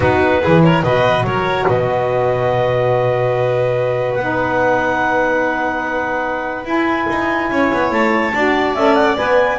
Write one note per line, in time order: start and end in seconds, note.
0.00 0.41 B3
0.00 0.41 D#4
0.00 0.40 F#4
0.00 0.62 B4
0.41 0.83 E3
0.41 0.82 E4
0.41 0.62 G#4
0.63 0.84 A#4
0.63 0.82 C#5
0.82 1.23 B2
0.82 4.18 F#4
0.82 1.25 B4
0.82 1.24 D#5
1.23 1.65 F#3
1.23 1.67 A#4
1.23 1.66 C#5
1.67 4.16 B2
1.67 7.50 B4
1.67 4.14 D#5
4.14 6.65 B3
4.14 6.64 D#4
4.14 6.64 F#5
6.64 8.31 E4
6.64 7.06 E4
6.64 7.92 G#5
7.09 7.50 D#4
7.50 7.71 C#4
7.50 8.34 C#5
7.73 7.91 B3
7.91 8.32 A3
7.91 8.74 A5
8.34 8.75 D4
8.34 8.76 F#4
8.34 9.58 D5
8.74 9.17 C#4
8.74 9.15 A4
8.74 8.94 E5
8.94 9.15 F#5
9.15 9.58 B3
9.15 9.57 B4
9.15 9.58 G#5